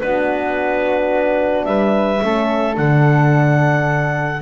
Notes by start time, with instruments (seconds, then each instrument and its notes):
0.00 double bass B3, horn D4, flute F#4, clarinet B4
1.65 double bass G3, flute B4, clarinet E5
2.23 double bass A3, horn C#4, flute A4
2.74 double bass D3, horn D4, clarinet F#5